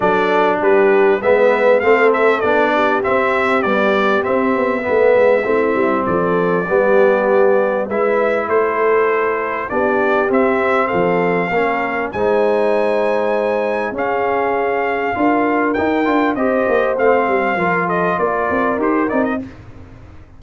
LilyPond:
<<
  \new Staff \with { instrumentName = "trumpet" } { \time 4/4 \tempo 4 = 99 d''4 b'4 e''4 f''8 e''8 | d''4 e''4 d''4 e''4~ | e''2 d''2~ | d''4 e''4 c''2 |
d''4 e''4 f''2 | gis''2. f''4~ | f''2 g''4 dis''4 | f''4. dis''8 d''4 c''8 d''16 dis''16 | }
  \new Staff \with { instrumentName = "horn" } { \time 4/4 a'4 g'4 b'4 a'4~ | a'8 g'2.~ g'8 | b'4 e'4 a'4 g'4~ | g'4 b'4 a'2 |
g'2 a'4 ais'4 | c''2. gis'4~ | gis'4 ais'2 c''4~ | c''4 ais'8 a'8 ais'2 | }
  \new Staff \with { instrumentName = "trombone" } { \time 4/4 d'2 b4 c'4 | d'4 c'4 g4 c'4 | b4 c'2 b4~ | b4 e'2. |
d'4 c'2 cis'4 | dis'2. cis'4~ | cis'4 f'4 dis'8 f'8 g'4 | c'4 f'2 g'8 dis'8 | }
  \new Staff \with { instrumentName = "tuba" } { \time 4/4 fis4 g4 gis4 a4 | b4 c'4 b4 c'8 b8 | a8 gis8 a8 g8 f4 g4~ | g4 gis4 a2 |
b4 c'4 f4 ais4 | gis2. cis'4~ | cis'4 d'4 dis'8 d'8 c'8 ais8 | a8 g8 f4 ais8 c'8 dis'8 c'8 | }
>>